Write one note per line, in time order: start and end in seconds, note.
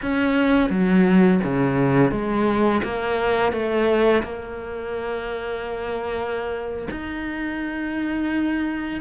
0.02 0.69 C#4
0.69 1.40 F#3
1.43 2.11 C#3
2.11 2.81 G#3
2.83 3.52 A#3
3.52 4.23 A3
4.23 6.88 A#3
6.90 9.01 D#4